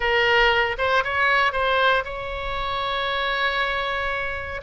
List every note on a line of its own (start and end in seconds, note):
0.00 0.76 A#4
0.78 1.03 C5
1.03 1.52 C#5
1.52 2.03 C5
2.04 4.61 C#5